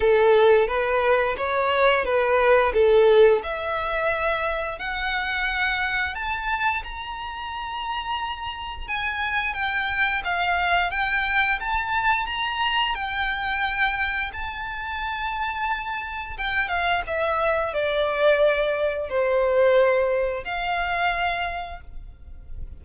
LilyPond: \new Staff \with { instrumentName = "violin" } { \time 4/4 \tempo 4 = 88 a'4 b'4 cis''4 b'4 | a'4 e''2 fis''4~ | fis''4 a''4 ais''2~ | ais''4 gis''4 g''4 f''4 |
g''4 a''4 ais''4 g''4~ | g''4 a''2. | g''8 f''8 e''4 d''2 | c''2 f''2 | }